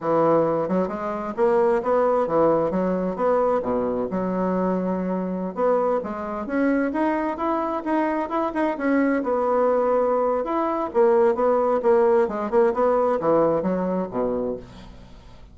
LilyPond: \new Staff \with { instrumentName = "bassoon" } { \time 4/4 \tempo 4 = 132 e4. fis8 gis4 ais4 | b4 e4 fis4 b4 | b,4 fis2.~ | fis16 b4 gis4 cis'4 dis'8.~ |
dis'16 e'4 dis'4 e'8 dis'8 cis'8.~ | cis'16 b2~ b8. e'4 | ais4 b4 ais4 gis8 ais8 | b4 e4 fis4 b,4 | }